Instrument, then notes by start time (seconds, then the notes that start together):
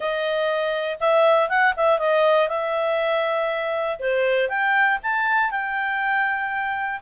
clarinet
0.00 D#5
1.00 E5
1.49 F#5
1.76 E5
1.98 D#5
2.48 E5
3.99 C5
4.48 G5
5.02 A5
5.50 G5